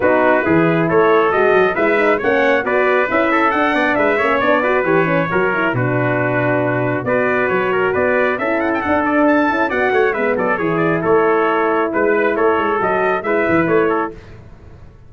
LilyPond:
<<
  \new Staff \with { instrumentName = "trumpet" } { \time 4/4 \tempo 4 = 136 b'2 cis''4 dis''4 | e''4 fis''4 d''4 e''4 | fis''4 e''4 d''4 cis''4~ | cis''4 b'2. |
d''4 cis''4 d''4 e''8 fis''16 g''16 | fis''8 d''8 a''4 fis''4 e''8 d''8 | cis''8 d''8 cis''2 b'4 | cis''4 dis''4 e''4 cis''4 | }
  \new Staff \with { instrumentName = "trumpet" } { \time 4/4 fis'4 gis'4 a'2 | b'4 cis''4 b'4. a'8~ | a'8 d''8 b'8 cis''4 b'4. | ais'4 fis'2. |
b'4. ais'8 b'4 a'4~ | a'2 d''8 cis''8 b'8 a'8 | gis'4 a'2 b'4 | a'2 b'4. a'8 | }
  \new Staff \with { instrumentName = "horn" } { \time 4/4 dis'4 e'2 fis'4 | e'8 dis'8 cis'4 fis'4 e'4 | d'4. cis'8 d'8 fis'8 g'8 cis'8 | fis'8 e'8 d'2. |
fis'2. e'4 | d'4. e'8 fis'4 b4 | e'1~ | e'4 fis'4 e'2 | }
  \new Staff \with { instrumentName = "tuba" } { \time 4/4 b4 e4 a4 gis8 fis8 | gis4 ais4 b4 cis'4 | d'8 b8 gis8 ais8 b4 e4 | fis4 b,2. |
b4 fis4 b4 cis'4 | d'4. cis'8 b8 a8 gis8 fis8 | e4 a2 gis4 | a8 gis8 fis4 gis8 e8 a4 | }
>>